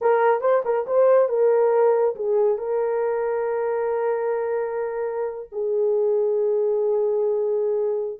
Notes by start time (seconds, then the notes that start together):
0.01 A#4
0.40 C5
0.64 A#4
0.86 C5
1.29 A#4
2.15 G#4
2.58 A#4
5.52 G#4